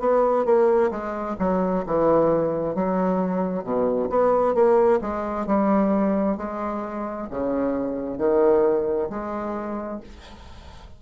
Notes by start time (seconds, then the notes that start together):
0.00 B3
0.45 A#3
0.91 G#3
1.39 F#3
1.86 E3
2.75 F#3
3.64 B2
4.10 B3
4.55 A#3
5.01 G#3
5.47 G3
6.37 G#3
7.31 C#3
8.18 D#3
9.10 G#3